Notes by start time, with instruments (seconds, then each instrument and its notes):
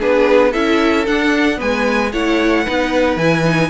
0.00 cello B3, viola D4, violin G#4 B4
0.52 cello C#4, viola E4, violin A4 E5
1.07 viola D4, cello D4, violin F#5
1.57 cello G#3, viola B3, violin B4 G#5
2.13 cello A3, viola E4, violin C#5 F#5
2.64 cello B3, viola D#4, violin B4
3.17 cello E3, viola E4, violin G#5
3.45 viola D#4